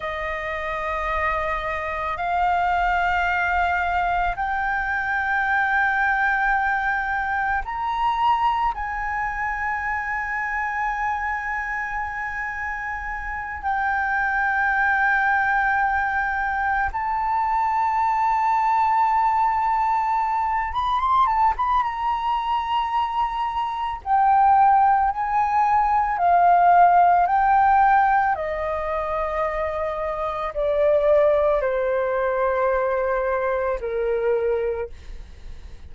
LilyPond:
\new Staff \with { instrumentName = "flute" } { \time 4/4 \tempo 4 = 55 dis''2 f''2 | g''2. ais''4 | gis''1~ | gis''8 g''2. a''8~ |
a''2. b''16 c'''16 a''16 b''16 | ais''2 g''4 gis''4 | f''4 g''4 dis''2 | d''4 c''2 ais'4 | }